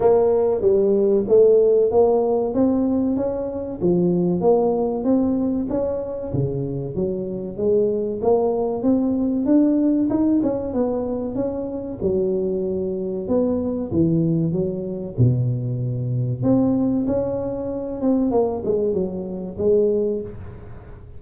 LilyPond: \new Staff \with { instrumentName = "tuba" } { \time 4/4 \tempo 4 = 95 ais4 g4 a4 ais4 | c'4 cis'4 f4 ais4 | c'4 cis'4 cis4 fis4 | gis4 ais4 c'4 d'4 |
dis'8 cis'8 b4 cis'4 fis4~ | fis4 b4 e4 fis4 | b,2 c'4 cis'4~ | cis'8 c'8 ais8 gis8 fis4 gis4 | }